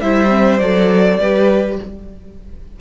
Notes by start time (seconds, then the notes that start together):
0.00 G3 E4 C5 E5
0.29 C4
0.58 F#3 A4 D5
1.19 G3 G4 B4